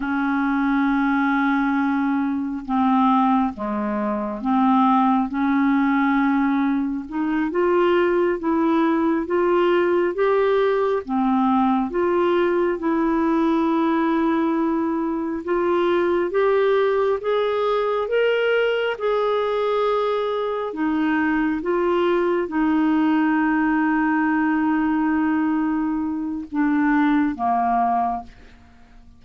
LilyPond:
\new Staff \with { instrumentName = "clarinet" } { \time 4/4 \tempo 4 = 68 cis'2. c'4 | gis4 c'4 cis'2 | dis'8 f'4 e'4 f'4 g'8~ | g'8 c'4 f'4 e'4.~ |
e'4. f'4 g'4 gis'8~ | gis'8 ais'4 gis'2 dis'8~ | dis'8 f'4 dis'2~ dis'8~ | dis'2 d'4 ais4 | }